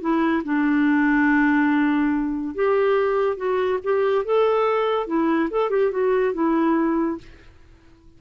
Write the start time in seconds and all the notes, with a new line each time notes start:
0.00 E4
0.43 D4
2.54 G4
3.36 F#4
3.83 G4
4.24 A4
5.07 E4
5.50 A4
5.70 G4
5.91 F#4
6.33 E4